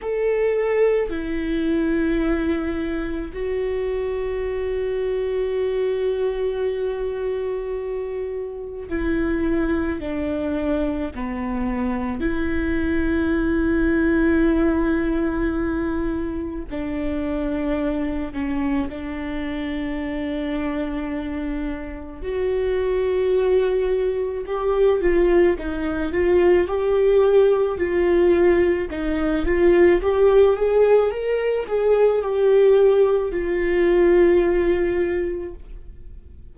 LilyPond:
\new Staff \with { instrumentName = "viola" } { \time 4/4 \tempo 4 = 54 a'4 e'2 fis'4~ | fis'1 | e'4 d'4 b4 e'4~ | e'2. d'4~ |
d'8 cis'8 d'2. | fis'2 g'8 f'8 dis'8 f'8 | g'4 f'4 dis'8 f'8 g'8 gis'8 | ais'8 gis'8 g'4 f'2 | }